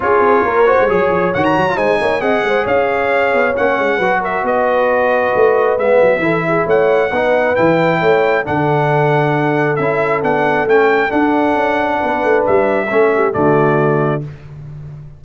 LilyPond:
<<
  \new Staff \with { instrumentName = "trumpet" } { \time 4/4 \tempo 4 = 135 cis''2. fis''16 ais''8. | gis''4 fis''4 f''2 | fis''4. e''8 dis''2~ | dis''4 e''2 fis''4~ |
fis''4 g''2 fis''4~ | fis''2 e''4 fis''4 | g''4 fis''2. | e''2 d''2 | }
  \new Staff \with { instrumentName = "horn" } { \time 4/4 gis'4 ais'8 c''8 cis''2 | c''8 cis''8 dis''8 c''8 cis''2~ | cis''4 b'8 ais'8 b'2~ | b'2 a'8 gis'8 cis''4 |
b'2 cis''4 a'4~ | a'1~ | a'2. b'4~ | b'4 a'8 g'8 fis'2 | }
  \new Staff \with { instrumentName = "trombone" } { \time 4/4 f'4. fis'8 gis'4 fis'8. f'16 | dis'4 gis'2. | cis'4 fis'2.~ | fis'4 b4 e'2 |
dis'4 e'2 d'4~ | d'2 e'4 d'4 | cis'4 d'2.~ | d'4 cis'4 a2 | }
  \new Staff \with { instrumentName = "tuba" } { \time 4/4 cis'8 c'8 ais8. gis16 fis8 f8 dis8 fis8 | gis8 ais8 c'8 gis8 cis'4. b8 | ais8 gis8 fis4 b2 | a4 gis8 fis8 e4 a4 |
b4 e4 a4 d4~ | d2 cis'4 b4 | a4 d'4 cis'4 b8 a8 | g4 a4 d2 | }
>>